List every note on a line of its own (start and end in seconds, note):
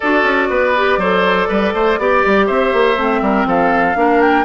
0.00 0.23 D4
0.00 0.76 F#4
0.00 0.48 A4
0.00 2.46 D5
0.23 0.48 C#4
0.50 0.97 B3
0.50 0.99 B4
0.76 1.01 G4
0.97 1.46 F#3
0.97 1.99 A4
0.97 1.48 C5
1.48 1.73 G3
1.48 1.73 B4
1.74 1.98 A3
1.74 1.99 C5
1.98 2.23 B3
1.98 2.96 G4
1.98 2.46 D5
2.25 2.49 G3
2.46 2.73 C4
2.46 3.20 C5
2.46 3.45 E5
2.73 2.97 A#3
2.96 3.21 A3
2.96 3.95 C4
3.21 3.45 G3
3.21 3.47 A#4
3.45 3.95 F3
3.45 3.97 A4
3.45 4.21 F5
3.95 4.44 A#3
3.95 4.44 D4
3.95 4.44 A#4
4.21 4.44 G5